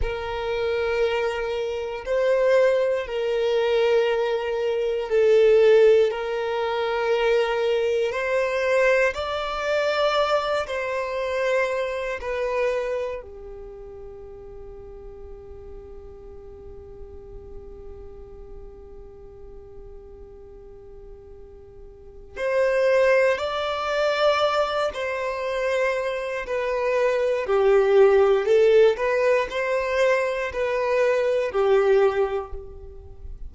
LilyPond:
\new Staff \with { instrumentName = "violin" } { \time 4/4 \tempo 4 = 59 ais'2 c''4 ais'4~ | ais'4 a'4 ais'2 | c''4 d''4. c''4. | b'4 g'2.~ |
g'1~ | g'2 c''4 d''4~ | d''8 c''4. b'4 g'4 | a'8 b'8 c''4 b'4 g'4 | }